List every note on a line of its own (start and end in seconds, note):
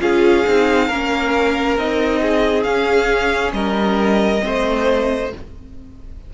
0.00 0.45 C#4
0.00 0.44 F4
0.00 0.88 G#4
0.00 1.78 F5
0.47 0.90 C4
0.47 0.92 D#4
0.88 1.77 A#3
0.88 1.79 C#4
0.88 2.20 A#4
1.77 2.65 C4
1.77 2.65 D#4
1.77 2.63 D#5
2.22 3.54 G#4
2.63 3.53 C#4
2.63 4.40 C#4
2.63 3.51 F5
3.53 4.41 G3
3.53 4.43 A#4
3.53 5.30 D#5
4.40 5.33 A3
4.40 5.28 C4
4.40 5.34 C5